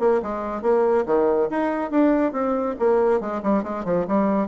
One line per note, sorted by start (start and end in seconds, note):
0.00 0.21 A#3
0.23 0.63 G#3
0.63 1.05 A#3
1.06 1.49 D#3
1.50 1.91 D#4
1.91 2.33 D4
2.33 2.75 C4
2.80 3.21 A#3
3.21 3.42 G#3
3.43 3.64 G3
3.64 3.85 G#3
3.85 4.07 F3
4.08 4.48 G3